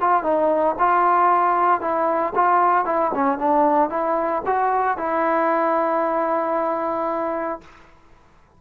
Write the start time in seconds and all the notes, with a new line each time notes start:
0.00 F4
0.23 D#4
0.78 F4
1.80 E4
2.35 F4
2.85 E4
3.14 C#4
3.38 D4
3.89 E4
4.46 F#4
4.97 E4